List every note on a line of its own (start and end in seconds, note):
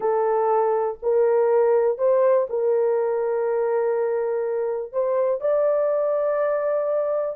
0.00 0.98 A4
1.02 1.98 A#4
1.98 2.47 C5
2.49 4.92 A#4
4.92 5.41 C5
5.41 7.36 D5